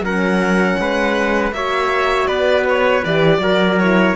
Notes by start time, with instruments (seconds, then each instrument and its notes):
0.00 cello F#3, horn C#4, trumpet A#4, violin F#5
0.79 cello G#3, trumpet B4
1.52 cello A#3, horn F#4, trumpet C#5, violin E5
2.27 cello B3, trumpet B4, violin D5
2.68 violin C#5
3.04 cello E3, horn G4, violin D5
3.38 cello F#3, horn F#4, trumpet A#4
3.79 horn E4, violin C#5